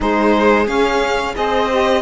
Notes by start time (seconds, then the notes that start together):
0.00 G#3 D#4 G#4 C5
0.67 C#4 F5
1.35 C4 G#4 C5 D#5
1.70 G4